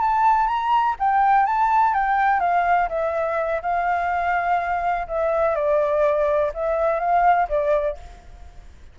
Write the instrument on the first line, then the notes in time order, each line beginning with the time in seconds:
flute
0.00 A5
0.47 A#5
0.99 G5
1.46 A5
1.94 G5
2.40 F5
2.89 E5
3.62 F5
5.07 E5
5.55 D5
6.54 E5
6.99 F5
7.49 D5